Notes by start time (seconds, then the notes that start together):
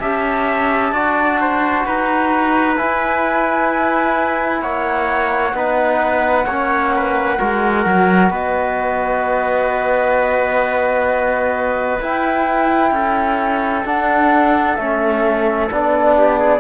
0.00 C#4 G4 E5 A5
0.93 D4 F#4 D5
1.41 C5
1.86 D#4 B4 A#5
2.77 E4 G#5
4.62 A#3 C#5 F#5
5.54 B3 D#4 B4
6.46 A#3 C#4 C#5
6.96 B4
7.39 G#3 F#4 A#4
7.86 F#3
8.30 B3 B4 D#5
12.01 E4 G5
12.92 C#4 A4
13.85 D4 F#5
14.76 A3 C#4 E5
15.71 B3 D4 D5
16.18 G4
16.39 G#4